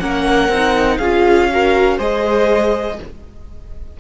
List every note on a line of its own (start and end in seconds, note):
0.00 0.49 A#3
0.00 0.51 C#4
0.00 0.99 A#4
0.00 0.98 F#5
0.49 0.99 C4
0.49 1.02 D#4
0.98 1.99 C#4
0.98 1.52 F4
0.98 1.49 G#4
0.98 1.98 F5
1.52 1.99 F#4
1.52 1.97 A#4
1.97 2.99 G#3
1.97 2.99 G#4
1.97 2.97 C5
1.97 3.00 D#5